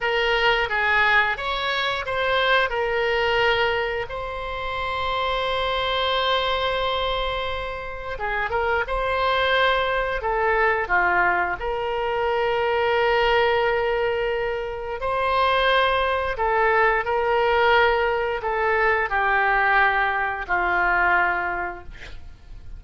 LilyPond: \new Staff \with { instrumentName = "oboe" } { \time 4/4 \tempo 4 = 88 ais'4 gis'4 cis''4 c''4 | ais'2 c''2~ | c''1 | gis'8 ais'8 c''2 a'4 |
f'4 ais'2.~ | ais'2 c''2 | a'4 ais'2 a'4 | g'2 f'2 | }